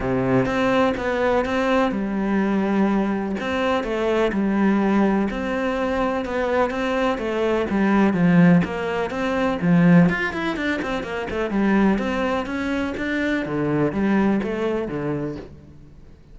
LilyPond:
\new Staff \with { instrumentName = "cello" } { \time 4/4 \tempo 4 = 125 c4 c'4 b4 c'4 | g2. c'4 | a4 g2 c'4~ | c'4 b4 c'4 a4 |
g4 f4 ais4 c'4 | f4 f'8 e'8 d'8 c'8 ais8 a8 | g4 c'4 cis'4 d'4 | d4 g4 a4 d4 | }